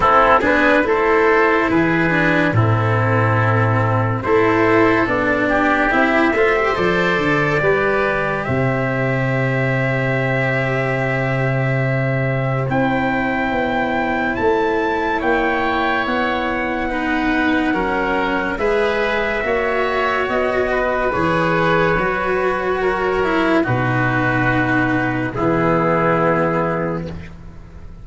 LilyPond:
<<
  \new Staff \with { instrumentName = "trumpet" } { \time 4/4 \tempo 4 = 71 a'8 b'8 c''4 b'4 a'4~ | a'4 c''4 d''4 e''4 | d''2 e''2~ | e''2. g''4~ |
g''4 a''4 g''4 fis''4~ | fis''2 e''2 | dis''4 cis''2. | b'2 gis'2 | }
  \new Staff \with { instrumentName = "oboe" } { \time 4/4 e'8 gis'8 a'4 gis'4 e'4~ | e'4 a'4. g'4 c''8~ | c''4 b'4 c''2~ | c''1~ |
c''2 cis''2 | b'4 ais'4 b'4 cis''4~ | cis''8 b'2~ b'8 ais'4 | fis'2 e'2 | }
  \new Staff \with { instrumentName = "cello" } { \time 4/4 c'8 d'8 e'4. d'8 c'4~ | c'4 e'4 d'4 e'8 f'16 g'16 | a'4 g'2.~ | g'2. e'4~ |
e'1 | dis'4 cis'4 gis'4 fis'4~ | fis'4 gis'4 fis'4. e'8 | dis'2 b2 | }
  \new Staff \with { instrumentName = "tuba" } { \time 4/4 c'8 b8 a4 e4 a,4~ | a,4 a4 b4 c'8 a8 | f8 d8 g4 c2~ | c2. c'4 |
b4 a4 ais4 b4~ | b4 fis4 gis4 ais4 | b4 e4 fis2 | b,2 e2 | }
>>